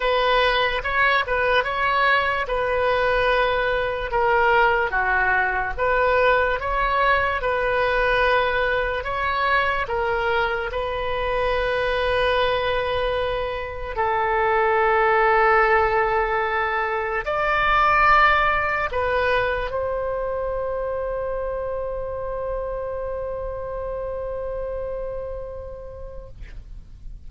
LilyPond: \new Staff \with { instrumentName = "oboe" } { \time 4/4 \tempo 4 = 73 b'4 cis''8 b'8 cis''4 b'4~ | b'4 ais'4 fis'4 b'4 | cis''4 b'2 cis''4 | ais'4 b'2.~ |
b'4 a'2.~ | a'4 d''2 b'4 | c''1~ | c''1 | }